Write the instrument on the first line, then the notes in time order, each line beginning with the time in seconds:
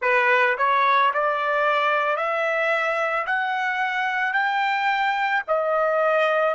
trumpet
0.01 B4
0.57 C#5
1.13 D5
2.16 E5
3.26 F#5
4.33 G5
5.47 D#5